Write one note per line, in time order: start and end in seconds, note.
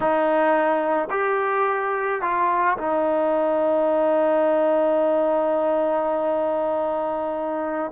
0.00 1.09 D#4
1.10 2.21 G4
2.21 2.77 F4
2.77 7.91 D#4